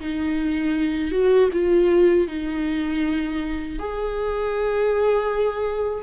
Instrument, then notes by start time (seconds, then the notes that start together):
viola
0.00 D#4
1.11 F#4
1.52 F4
2.28 D#4
3.79 G#4